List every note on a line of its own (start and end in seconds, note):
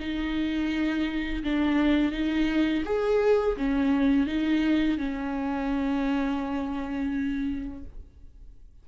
0.00 1.43 D#4
1.44 2.12 D4
2.12 2.83 D#4
2.85 3.56 G#4
3.56 4.26 C#4
4.26 4.98 D#4
4.98 7.83 C#4